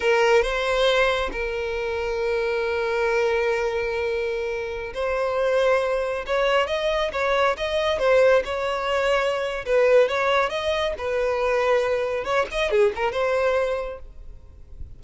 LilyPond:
\new Staff \with { instrumentName = "violin" } { \time 4/4 \tempo 4 = 137 ais'4 c''2 ais'4~ | ais'1~ | ais'2.~ ais'16 c''8.~ | c''2~ c''16 cis''4 dis''8.~ |
dis''16 cis''4 dis''4 c''4 cis''8.~ | cis''2 b'4 cis''4 | dis''4 b'2. | cis''8 dis''8 gis'8 ais'8 c''2 | }